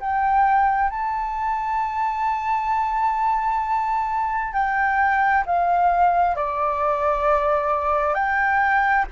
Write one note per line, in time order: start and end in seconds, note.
0.00 0.90 G5
0.90 4.53 A5
4.53 5.44 G5
5.46 6.36 F5
6.36 8.14 D5
8.14 9.05 G5